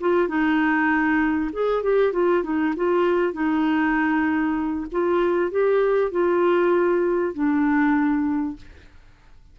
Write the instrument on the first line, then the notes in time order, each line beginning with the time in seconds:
clarinet
0.00 F4
0.28 D#4
1.53 G#4
1.83 G4
2.13 F4
2.44 D#4
2.76 F4
3.33 D#4
4.92 F4
5.51 G4
6.11 F4
7.34 D4